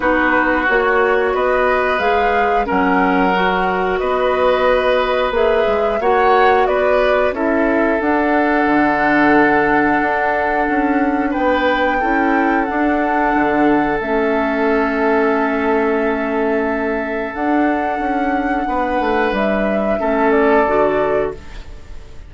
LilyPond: <<
  \new Staff \with { instrumentName = "flute" } { \time 4/4 \tempo 4 = 90 b'4 cis''4 dis''4 f''4 | fis''2 dis''2 | e''4 fis''4 d''4 e''4 | fis''1~ |
fis''4 g''2 fis''4~ | fis''4 e''2.~ | e''2 fis''2~ | fis''4 e''4. d''4. | }
  \new Staff \with { instrumentName = "oboe" } { \time 4/4 fis'2 b'2 | ais'2 b'2~ | b'4 cis''4 b'4 a'4~ | a'1~ |
a'4 b'4 a'2~ | a'1~ | a'1 | b'2 a'2 | }
  \new Staff \with { instrumentName = "clarinet" } { \time 4/4 dis'4 fis'2 gis'4 | cis'4 fis'2. | gis'4 fis'2 e'4 | d'1~ |
d'2 e'4 d'4~ | d'4 cis'2.~ | cis'2 d'2~ | d'2 cis'4 fis'4 | }
  \new Staff \with { instrumentName = "bassoon" } { \time 4/4 b4 ais4 b4 gis4 | fis2 b2 | ais8 gis8 ais4 b4 cis'4 | d'4 d2 d'4 |
cis'4 b4 cis'4 d'4 | d4 a2.~ | a2 d'4 cis'4 | b8 a8 g4 a4 d4 | }
>>